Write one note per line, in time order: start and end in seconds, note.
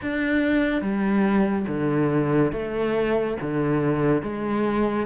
0.02 0.81 D4
0.81 1.66 G3
1.67 2.52 D3
2.52 3.36 A3
3.41 4.22 D3
4.22 5.06 G#3